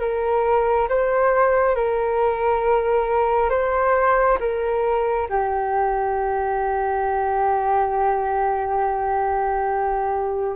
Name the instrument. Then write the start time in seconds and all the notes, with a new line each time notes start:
flute
0.00 A#4
0.89 C5
1.76 A#4
3.50 C5
4.40 A#4
5.29 G4